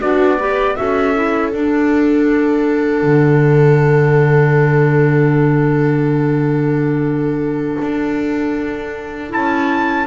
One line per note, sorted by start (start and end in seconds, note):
0.00 0.78 B3
0.00 0.40 D4
0.00 0.38 F#4
0.00 0.76 D5
0.38 0.76 G4
0.38 0.76 B4
0.76 1.54 C#4
0.76 1.14 F#4
0.76 10.07 A4
0.76 1.50 E5
1.15 1.53 E4
1.50 9.29 D4
1.50 3.03 D4
1.50 9.29 F#5
3.03 7.77 D3
7.82 9.34 D4
9.29 10.07 C#4
9.29 10.05 E4
9.29 10.07 A5